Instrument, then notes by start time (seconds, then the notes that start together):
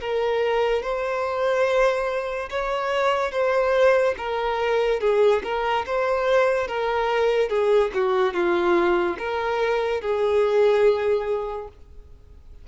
violin
0.00 A#4
0.82 C5
2.50 C#5
3.31 C5
4.17 A#4
5.00 G#4
5.43 A#4
5.86 C5
6.67 A#4
7.49 G#4
7.94 F#4
8.33 F4
9.18 A#4
10.01 G#4